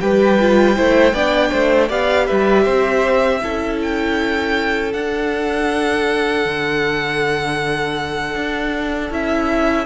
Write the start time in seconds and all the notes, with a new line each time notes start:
0.00 G3 G4 B4 G5
0.40 F4
0.76 A3 E4 C5
1.13 B3 D4 D5
1.51 A3 C5
1.88 B3 G4 D5 F5
2.26 G3 B4 E5
2.64 C4 C5
3.41 C#4 E4 A4
3.82 G5
4.93 D4 F#5
6.45 D3
8.35 D4
9.10 C#4 E4 E5